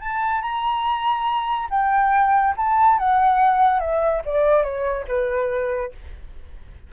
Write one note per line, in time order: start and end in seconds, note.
0.00 0.41 A5
0.41 1.68 A#5
1.69 2.54 G5
2.57 2.98 A5
2.98 3.79 F#5
3.79 4.22 E5
4.25 4.63 D5
4.63 5.05 C#5
5.07 5.92 B4